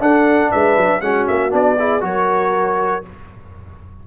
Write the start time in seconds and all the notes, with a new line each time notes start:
0.00 D4 A4 F#5
0.51 G#3 B4 E5
0.77 F#3
1.01 G#3 C#4 F#4 F#5
1.28 A#3 E5
1.50 B3 D4 D5
1.79 E4 G#4
2.01 F#3 F#4 A#4 C#5